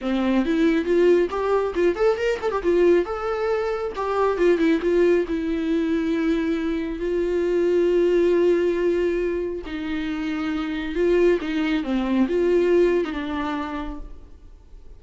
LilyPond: \new Staff \with { instrumentName = "viola" } { \time 4/4 \tempo 4 = 137 c'4 e'4 f'4 g'4 | f'8 a'8 ais'8 a'16 g'16 f'4 a'4~ | a'4 g'4 f'8 e'8 f'4 | e'1 |
f'1~ | f'2 dis'2~ | dis'4 f'4 dis'4 c'4 | f'4.~ f'16 dis'16 d'2 | }